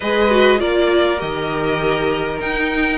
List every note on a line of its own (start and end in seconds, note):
0.00 0.61 G#3
0.00 0.30 G#4
0.00 0.59 B4
0.00 0.60 D#5
0.30 0.57 F#4
0.57 1.21 A#3
0.57 1.17 F4
0.57 2.98 A#4
0.57 1.19 D5
1.18 2.41 D#3
1.18 2.38 G4
1.18 2.39 D#5
2.39 2.98 D#4
2.39 2.98 G5